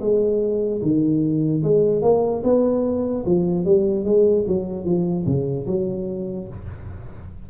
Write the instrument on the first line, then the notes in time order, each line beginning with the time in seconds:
tuba
0.00 G#3
0.81 D#3
1.63 G#3
2.02 A#3
2.43 B3
3.25 F3
3.65 G3
4.05 G#3
4.47 F#3
4.85 F3
5.26 C#3
5.67 F#3